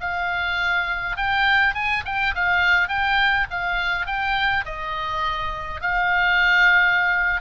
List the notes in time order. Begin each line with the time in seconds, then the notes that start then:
0.00 F5
1.16 G5
1.74 G#5
2.05 G5
2.35 F5
2.88 G5
3.50 F5
4.06 G5
4.65 D#5
5.81 F5